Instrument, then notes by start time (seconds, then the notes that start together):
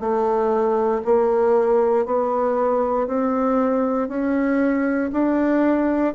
bassoon
0.00 A3
1.04 A#3
2.05 B3
3.07 C4
4.09 C#4
5.12 D4